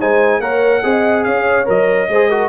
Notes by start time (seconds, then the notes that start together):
0.00 G#3 D#4 C5 G#5
0.40 A#3 A#4 C#5 F#5
0.83 C4 G#4 D#5
1.24 C#4 C#5 F5
1.66 F#3 A#4 D#5
2.09 G#3 G#4 C5
2.30 F#4 A#4